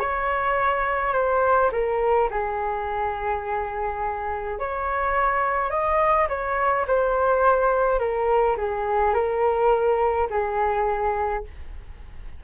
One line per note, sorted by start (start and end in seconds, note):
0.00 1.14 C#5
1.14 1.71 C5
1.72 2.30 A#4
2.31 4.59 G#4
4.59 5.71 C#5
5.71 6.28 D#5
6.29 6.86 C#5
6.88 8.00 C5
8.00 8.57 A#4
8.58 9.14 G#4
9.14 10.29 A#4
10.30 11.45 G#4